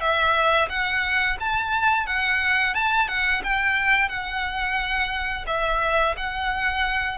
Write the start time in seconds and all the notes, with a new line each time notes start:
0.00 E5
0.69 F#5
1.40 A5
2.06 F#5
2.74 A5
3.08 F#5
3.43 G5
4.08 F#5
5.46 E5
6.16 F#5